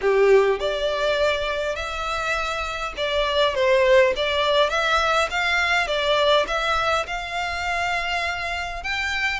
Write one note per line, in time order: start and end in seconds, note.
0.01 0.59 G4
0.59 1.75 D5
1.75 2.93 E5
2.97 3.55 D5
3.55 4.13 C5
4.16 4.69 D5
4.69 5.28 E5
5.30 5.87 F5
5.87 6.45 D5
6.47 7.06 E5
7.06 8.83 F5
8.83 9.40 G5